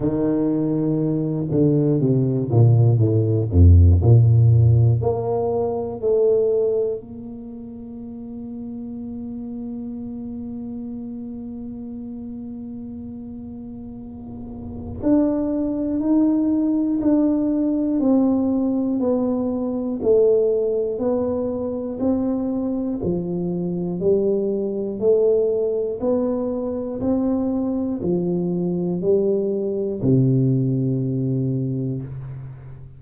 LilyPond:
\new Staff \with { instrumentName = "tuba" } { \time 4/4 \tempo 4 = 60 dis4. d8 c8 ais,8 a,8 f,8 | ais,4 ais4 a4 ais4~ | ais1~ | ais2. d'4 |
dis'4 d'4 c'4 b4 | a4 b4 c'4 f4 | g4 a4 b4 c'4 | f4 g4 c2 | }